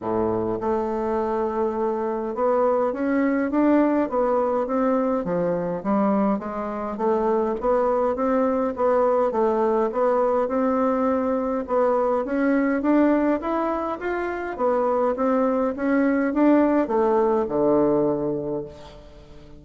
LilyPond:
\new Staff \with { instrumentName = "bassoon" } { \time 4/4 \tempo 4 = 103 a,4 a2. | b4 cis'4 d'4 b4 | c'4 f4 g4 gis4 | a4 b4 c'4 b4 |
a4 b4 c'2 | b4 cis'4 d'4 e'4 | f'4 b4 c'4 cis'4 | d'4 a4 d2 | }